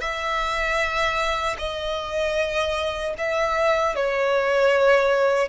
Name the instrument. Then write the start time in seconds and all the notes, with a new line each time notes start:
violin
0.00 E5
1.58 D#5
3.18 E5
3.95 C#5